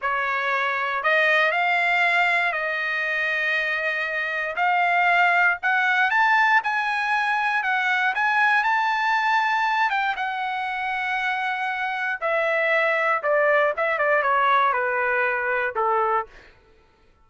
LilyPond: \new Staff \with { instrumentName = "trumpet" } { \time 4/4 \tempo 4 = 118 cis''2 dis''4 f''4~ | f''4 dis''2.~ | dis''4 f''2 fis''4 | a''4 gis''2 fis''4 |
gis''4 a''2~ a''8 g''8 | fis''1 | e''2 d''4 e''8 d''8 | cis''4 b'2 a'4 | }